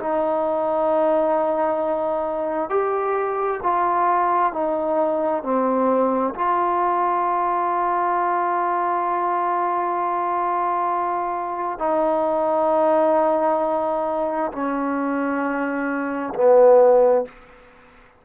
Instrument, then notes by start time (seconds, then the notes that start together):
trombone
0.00 D#4
2.70 G4
3.63 F4
4.53 D#4
5.44 C4
6.35 F4
11.79 D#4
14.52 C#4
16.35 B3